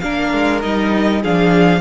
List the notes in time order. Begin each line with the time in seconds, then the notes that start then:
0.00 A#3 D4 A#4 F5
0.33 G#3
0.62 G3 D#4 D#5
1.22 F3 D4 G#4 F5